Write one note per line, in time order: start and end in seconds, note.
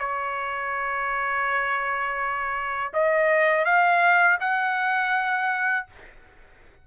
0.00 2.93 C#5
2.94 3.66 D#5
3.66 4.39 F5
4.41 5.87 F#5